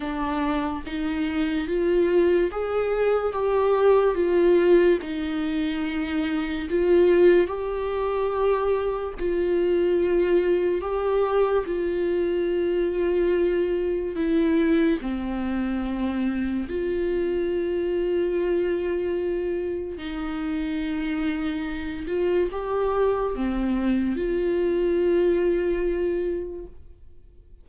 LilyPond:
\new Staff \with { instrumentName = "viola" } { \time 4/4 \tempo 4 = 72 d'4 dis'4 f'4 gis'4 | g'4 f'4 dis'2 | f'4 g'2 f'4~ | f'4 g'4 f'2~ |
f'4 e'4 c'2 | f'1 | dis'2~ dis'8 f'8 g'4 | c'4 f'2. | }